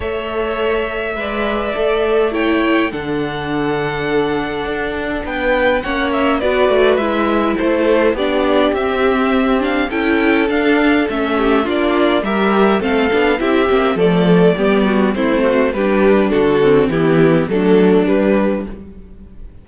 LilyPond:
<<
  \new Staff \with { instrumentName = "violin" } { \time 4/4 \tempo 4 = 103 e''1 | g''4 fis''2.~ | fis''4 g''4 fis''8 e''8 d''4 | e''4 c''4 d''4 e''4~ |
e''8 f''8 g''4 f''4 e''4 | d''4 e''4 f''4 e''4 | d''2 c''4 b'4 | a'4 g'4 a'4 b'4 | }
  \new Staff \with { instrumentName = "violin" } { \time 4/4 cis''2 d''2 | cis''4 a'2.~ | a'4 b'4 cis''4 b'4~ | b'4 a'4 g'2~ |
g'4 a'2~ a'8 g'8 | f'4 ais'4 a'4 g'4 | a'4 g'8 fis'8 e'8 fis'8 g'4 | fis'4 e'4 d'2 | }
  \new Staff \with { instrumentName = "viola" } { \time 4/4 a'2 b'4 a'4 | e'4 d'2.~ | d'2 cis'4 fis'4 | e'2 d'4 c'4~ |
c'8 d'8 e'4 d'4 cis'4 | d'4 g'4 c'8 d'8 e'8 c'8 | a4 b4 c'4 d'4~ | d'8 c'8 b4 a4 g4 | }
  \new Staff \with { instrumentName = "cello" } { \time 4/4 a2 gis4 a4~ | a4 d2. | d'4 b4 ais4 b8 a8 | gis4 a4 b4 c'4~ |
c'4 cis'4 d'4 a4 | ais4 g4 a8 b8 c'8 ais8 | f4 g4 a4 g4 | d4 e4 fis4 g4 | }
>>